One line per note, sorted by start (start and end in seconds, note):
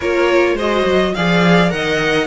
0.00 0.54 A#3
0.00 0.58 F4
0.00 0.55 A#4
0.00 0.58 C#5
0.54 0.83 G#3
0.54 1.15 F#4
0.54 1.12 C5
0.54 1.14 D#5
0.85 1.14 F#3
1.14 1.72 F3
1.14 1.69 G#4
1.14 1.72 D5
1.14 1.70 F5
1.69 2.26 D#3
1.69 2.26 A#4
1.69 2.26 D#5
1.69 2.26 F#5